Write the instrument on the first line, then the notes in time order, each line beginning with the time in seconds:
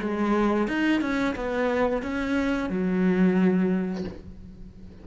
cello
0.00 G#3
0.67 D#4
1.01 C#4
1.35 B3
2.02 C#4
2.69 F#3